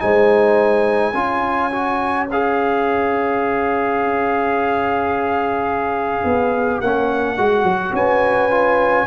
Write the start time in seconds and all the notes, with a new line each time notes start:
0.00 G#3 D#4 C5 G#5
1.14 C#4 F4 C#5
1.72 F#4
2.32 G#4 F5
6.24 B3
6.81 A#3 C#4 F#5
7.38 G#3 F#4
7.64 F#3
7.93 C#4 B4 G#5
8.51 F4